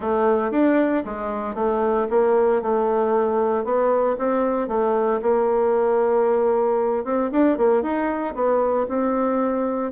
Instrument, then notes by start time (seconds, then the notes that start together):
bassoon
0.00 A3
0.51 D4
1.04 G#3
1.55 A3
2.10 A#3
2.61 A3
3.64 B3
4.18 C4
4.68 A3
5.22 A#3
7.04 C4
7.31 D4
7.57 A#3
7.82 D#4
8.34 B3
8.88 C4